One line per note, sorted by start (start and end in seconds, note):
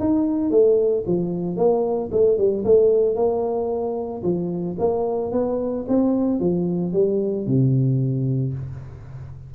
0.00 0.51 D#4
0.51 1.04 A3
1.07 1.57 F3
1.57 2.10 A#3
2.12 2.38 A3
2.38 2.64 G3
2.64 3.16 A3
3.16 4.23 A#3
4.23 4.77 F3
4.78 5.32 A#3
5.32 5.85 B3
5.88 6.40 C4
6.40 6.93 F3
6.93 7.47 G3
7.47 8.54 C3